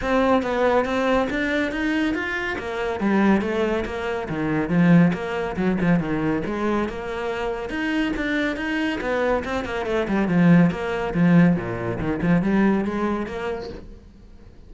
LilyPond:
\new Staff \with { instrumentName = "cello" } { \time 4/4 \tempo 4 = 140 c'4 b4 c'4 d'4 | dis'4 f'4 ais4 g4 | a4 ais4 dis4 f4 | ais4 fis8 f8 dis4 gis4 |
ais2 dis'4 d'4 | dis'4 b4 c'8 ais8 a8 g8 | f4 ais4 f4 ais,4 | dis8 f8 g4 gis4 ais4 | }